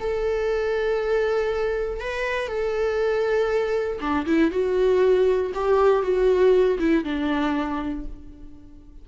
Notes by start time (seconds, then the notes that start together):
0.00 A4
2.01 B4
2.48 A4
4.01 D4
4.26 E4
4.51 F#4
5.54 G4
6.03 F#4
6.79 E4
7.05 D4